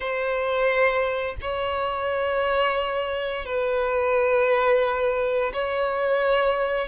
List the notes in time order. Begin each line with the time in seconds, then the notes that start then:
0.00 C5
1.41 C#5
3.45 B4
5.53 C#5